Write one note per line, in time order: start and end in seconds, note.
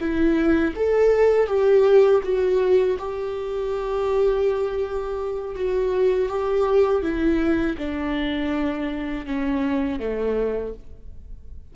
0.00 0.74 E4
0.75 1.46 A4
1.46 2.21 G4
2.23 2.97 F#4
2.98 5.55 G4
5.55 6.29 F#4
6.29 7.02 G4
7.02 7.76 E4
7.77 9.26 D4
9.26 9.99 C#4
9.99 10.73 A3